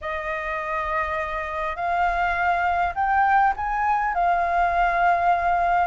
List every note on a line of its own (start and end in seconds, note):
0.01 1.76 D#5
1.76 2.93 F5
2.94 3.53 G5
3.56 4.14 G#5
4.14 5.87 F5